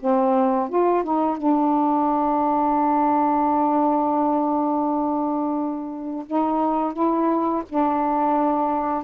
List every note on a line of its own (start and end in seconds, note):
0.00 0.69 C4
0.69 1.04 F4
1.04 1.38 D#4
1.38 6.26 D4
6.27 6.93 D#4
6.93 7.63 E4
7.69 9.04 D4